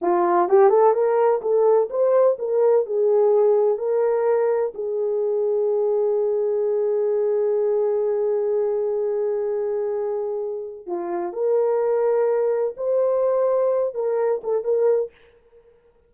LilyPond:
\new Staff \with { instrumentName = "horn" } { \time 4/4 \tempo 4 = 127 f'4 g'8 a'8 ais'4 a'4 | c''4 ais'4 gis'2 | ais'2 gis'2~ | gis'1~ |
gis'1~ | gis'2. f'4 | ais'2. c''4~ | c''4. ais'4 a'8 ais'4 | }